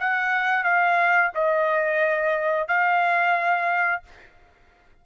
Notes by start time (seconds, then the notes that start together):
0.00 F#5
0.64 F5
1.35 D#5
2.68 F5